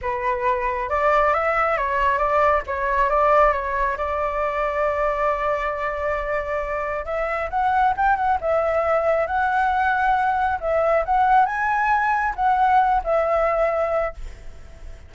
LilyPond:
\new Staff \with { instrumentName = "flute" } { \time 4/4 \tempo 4 = 136 b'2 d''4 e''4 | cis''4 d''4 cis''4 d''4 | cis''4 d''2.~ | d''1 |
e''4 fis''4 g''8 fis''8 e''4~ | e''4 fis''2. | e''4 fis''4 gis''2 | fis''4. e''2~ e''8 | }